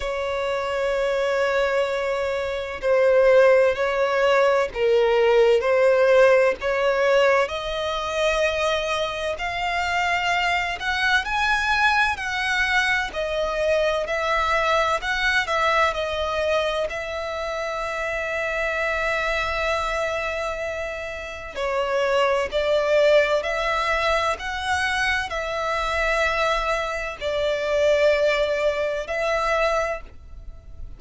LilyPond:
\new Staff \with { instrumentName = "violin" } { \time 4/4 \tempo 4 = 64 cis''2. c''4 | cis''4 ais'4 c''4 cis''4 | dis''2 f''4. fis''8 | gis''4 fis''4 dis''4 e''4 |
fis''8 e''8 dis''4 e''2~ | e''2. cis''4 | d''4 e''4 fis''4 e''4~ | e''4 d''2 e''4 | }